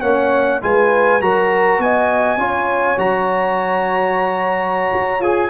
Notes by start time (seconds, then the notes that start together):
0.00 A#3 C#4 C#5 F#5
0.61 G#3 F4 B4 G#5
1.21 F#3 F#4 A#4 A#5
1.78 B3 D#5 G#5
2.37 C#4 F4 C#5
2.97 F#3 F#4 A#5
4.93 F#4
5.20 F4 G#4 G#5